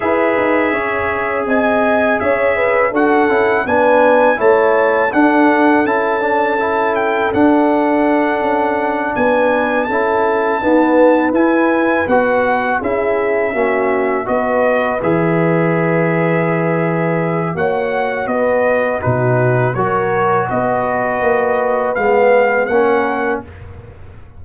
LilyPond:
<<
  \new Staff \with { instrumentName = "trumpet" } { \time 4/4 \tempo 4 = 82 e''2 gis''4 e''4 | fis''4 gis''4 a''4 fis''4 | a''4. g''8 fis''2~ | fis''8 gis''4 a''2 gis''8~ |
gis''8 fis''4 e''2 dis''8~ | dis''8 e''2.~ e''8 | fis''4 dis''4 b'4 cis''4 | dis''2 f''4 fis''4 | }
  \new Staff \with { instrumentName = "horn" } { \time 4/4 b'4 cis''4 dis''4 cis''8 b'8 | a'4 b'4 cis''4 a'4~ | a'1~ | a'8 b'4 a'4 b'4.~ |
b'4. gis'4 fis'4 b'8~ | b'1 | cis''4 b'4 fis'4 ais'4 | b'2. ais'4 | }
  \new Staff \with { instrumentName = "trombone" } { \time 4/4 gis'1 | fis'8 e'8 d'4 e'4 d'4 | e'8 d'8 e'4 d'2~ | d'4. e'4 b4 e'8~ |
e'8 fis'4 e'4 cis'4 fis'8~ | fis'8 gis'2.~ gis'8 | fis'2 dis'4 fis'4~ | fis'2 b4 cis'4 | }
  \new Staff \with { instrumentName = "tuba" } { \time 4/4 e'8 dis'8 cis'4 c'4 cis'4 | d'8 cis'8 b4 a4 d'4 | cis'2 d'4. cis'8~ | cis'8 b4 cis'4 dis'4 e'8~ |
e'8 b4 cis'4 ais4 b8~ | b8 e2.~ e8 | ais4 b4 b,4 fis4 | b4 ais4 gis4 ais4 | }
>>